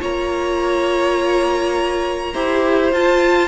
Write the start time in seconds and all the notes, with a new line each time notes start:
0.00 A#3 F4 C#5 A#5
2.33 E4 G4 C5
2.92 F4 A5